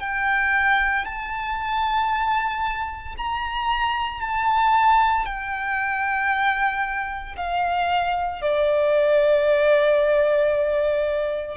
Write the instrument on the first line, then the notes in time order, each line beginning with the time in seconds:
violin
0.00 G5
1.05 A5
3.18 A#5
4.21 A5
5.26 G5
7.36 F5
8.42 D5